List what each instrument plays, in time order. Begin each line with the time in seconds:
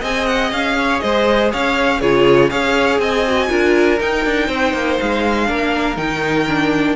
0.00 cello C4, viola G#4, violin D#5 G#5
0.27 violin F#5
0.52 cello C#4, violin F5
0.78 violin C#5
1.00 cello G#3, violin C5 D#5
1.51 cello C#4, violin C#5 F5
2.00 cello C#3, viola F4, violin G#4 C#5
2.50 cello C#4, viola G#4, violin C#5 F5
2.99 cello C4, violin D#5 G#5
3.28 viola F#4
3.49 cello D4, viola F4, violin A#4
4.00 cello D#4, viola D#4, violin G5
4.25 cello D4
4.48 cello C4, violin C5
4.73 cello A#3
4.99 cello G#3, violin F5
5.45 cello A#3, viola D4, violin A#4
5.97 cello D#3, viola D#4, violin G5
6.48 viola D4